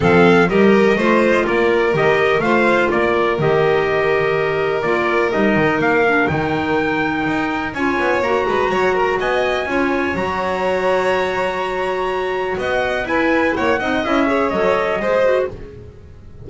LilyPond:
<<
  \new Staff \with { instrumentName = "trumpet" } { \time 4/4 \tempo 4 = 124 f''4 dis''2 d''4 | dis''4 f''4 d''4 dis''4~ | dis''2 d''4 dis''4 | f''4 g''2. |
gis''4 ais''2 gis''4~ | gis''4 ais''2.~ | ais''2 fis''4 gis''4 | fis''4 e''4 dis''2 | }
  \new Staff \with { instrumentName = "violin" } { \time 4/4 a'4 ais'4 c''4 ais'4~ | ais'4 c''4 ais'2~ | ais'1~ | ais'1 |
cis''4. b'8 cis''8 ais'8 dis''4 | cis''1~ | cis''2 dis''4 b'4 | cis''8 dis''4 cis''4. c''4 | }
  \new Staff \with { instrumentName = "clarinet" } { \time 4/4 c'4 g'4 f'2 | g'4 f'2 g'4~ | g'2 f'4 dis'4~ | dis'8 d'8 dis'2. |
f'4 fis'2. | f'4 fis'2.~ | fis'2. e'4~ | e'8 dis'8 e'8 gis'8 a'4 gis'8 fis'8 | }
  \new Staff \with { instrumentName = "double bass" } { \time 4/4 f4 g4 a4 ais4 | dis4 a4 ais4 dis4~ | dis2 ais4 g8 dis8 | ais4 dis2 dis'4 |
cis'8 b8 ais8 gis8 fis4 b4 | cis'4 fis2.~ | fis2 b4 e'4 | ais8 c'8 cis'4 fis4 gis4 | }
>>